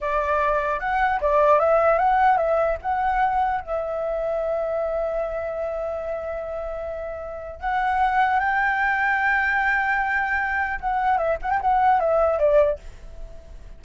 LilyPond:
\new Staff \with { instrumentName = "flute" } { \time 4/4 \tempo 4 = 150 d''2 fis''4 d''4 | e''4 fis''4 e''4 fis''4~ | fis''4 e''2.~ | e''1~ |
e''2. fis''4~ | fis''4 g''2.~ | g''2. fis''4 | e''8 fis''16 g''16 fis''4 e''4 d''4 | }